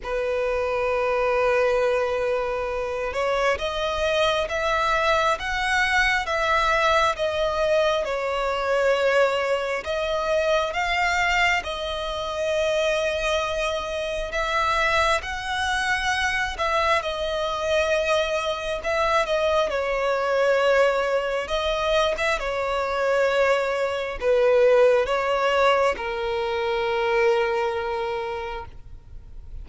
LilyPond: \new Staff \with { instrumentName = "violin" } { \time 4/4 \tempo 4 = 67 b'2.~ b'8 cis''8 | dis''4 e''4 fis''4 e''4 | dis''4 cis''2 dis''4 | f''4 dis''2. |
e''4 fis''4. e''8 dis''4~ | dis''4 e''8 dis''8 cis''2 | dis''8. e''16 cis''2 b'4 | cis''4 ais'2. | }